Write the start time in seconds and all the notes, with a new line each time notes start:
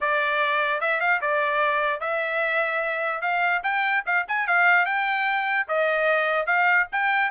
0.00 D5
0.81 E5
1.00 F5
1.21 D5
2.00 E5
3.21 F5
3.63 G5
4.05 F5
4.28 G#5
4.47 F5
4.85 G5
5.68 D#5
6.46 F5
6.92 G5